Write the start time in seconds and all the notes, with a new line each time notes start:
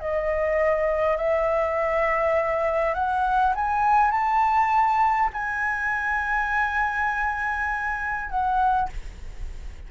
0.00 D#5
1.17 E5
2.94 F#5
3.55 G#5
4.12 A5
5.33 G#5
8.30 F#5